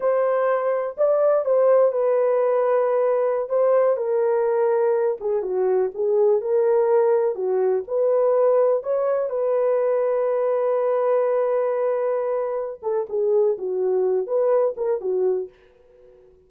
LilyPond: \new Staff \with { instrumentName = "horn" } { \time 4/4 \tempo 4 = 124 c''2 d''4 c''4 | b'2.~ b'16 c''8.~ | c''16 ais'2~ ais'8 gis'8 fis'8.~ | fis'16 gis'4 ais'2 fis'8.~ |
fis'16 b'2 cis''4 b'8.~ | b'1~ | b'2~ b'8 a'8 gis'4 | fis'4. b'4 ais'8 fis'4 | }